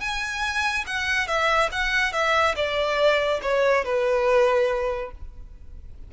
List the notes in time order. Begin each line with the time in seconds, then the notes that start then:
0.00 G#5
0.86 F#5
1.27 E5
1.71 F#5
2.12 E5
2.55 D5
3.42 C#5
3.85 B4